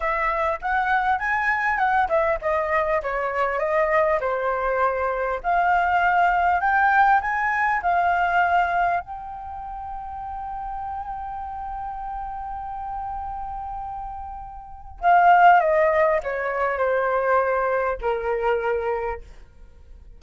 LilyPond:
\new Staff \with { instrumentName = "flute" } { \time 4/4 \tempo 4 = 100 e''4 fis''4 gis''4 fis''8 e''8 | dis''4 cis''4 dis''4 c''4~ | c''4 f''2 g''4 | gis''4 f''2 g''4~ |
g''1~ | g''1~ | g''4 f''4 dis''4 cis''4 | c''2 ais'2 | }